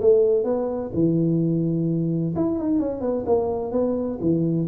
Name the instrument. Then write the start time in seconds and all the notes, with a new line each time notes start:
tuba
0.00 A3
0.44 B3
0.94 E3
2.35 E4
2.58 D#4
2.79 C#4
3.01 B3
3.26 A#3
3.72 B3
4.21 E3